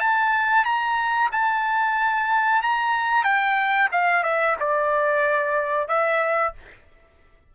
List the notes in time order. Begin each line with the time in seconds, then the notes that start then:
0.00 A5
0.65 A#5
1.32 A5
2.63 A#5
3.24 G5
3.92 F5
4.24 E5
4.60 D5
5.89 E5